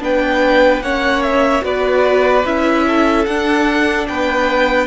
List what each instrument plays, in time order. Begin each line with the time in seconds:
0.00 cello B3, viola D4, violin B4 G5
0.81 cello A#3, viola C#4, violin C#5 F#5
1.23 violin E5
1.61 cello B3, viola F#4, violin B4 D5
2.46 cello C#4, viola E4, violin E5
2.87 violin A4
3.26 cello D4, viola D4, violin F#5
4.08 cello B3, violin B4 G5